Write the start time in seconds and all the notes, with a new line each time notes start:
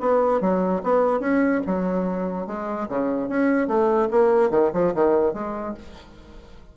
0.00 B3
0.41 F#3
0.83 B3
1.20 C#4
1.67 F#3
2.47 G#3
2.89 C#3
3.29 C#4
3.68 A3
4.11 A#3
4.51 D#3
4.73 F3
4.94 D#3
5.33 G#3